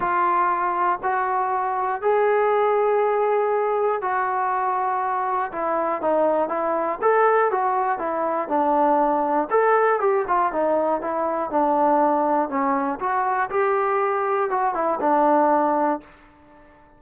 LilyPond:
\new Staff \with { instrumentName = "trombone" } { \time 4/4 \tempo 4 = 120 f'2 fis'2 | gis'1 | fis'2. e'4 | dis'4 e'4 a'4 fis'4 |
e'4 d'2 a'4 | g'8 f'8 dis'4 e'4 d'4~ | d'4 cis'4 fis'4 g'4~ | g'4 fis'8 e'8 d'2 | }